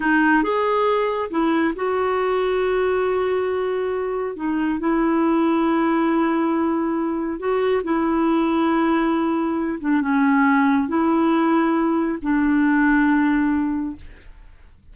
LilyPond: \new Staff \with { instrumentName = "clarinet" } { \time 4/4 \tempo 4 = 138 dis'4 gis'2 e'4 | fis'1~ | fis'2 dis'4 e'4~ | e'1~ |
e'4 fis'4 e'2~ | e'2~ e'8 d'8 cis'4~ | cis'4 e'2. | d'1 | }